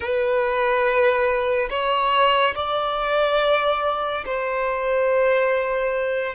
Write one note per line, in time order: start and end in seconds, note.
0.00 1.69 B4
1.69 2.54 C#5
2.55 4.24 D5
4.25 6.34 C5